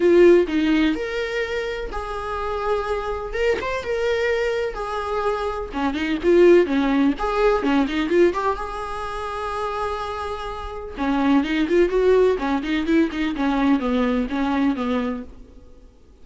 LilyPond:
\new Staff \with { instrumentName = "viola" } { \time 4/4 \tempo 4 = 126 f'4 dis'4 ais'2 | gis'2. ais'8 c''8 | ais'2 gis'2 | cis'8 dis'8 f'4 cis'4 gis'4 |
cis'8 dis'8 f'8 g'8 gis'2~ | gis'2. cis'4 | dis'8 f'8 fis'4 cis'8 dis'8 e'8 dis'8 | cis'4 b4 cis'4 b4 | }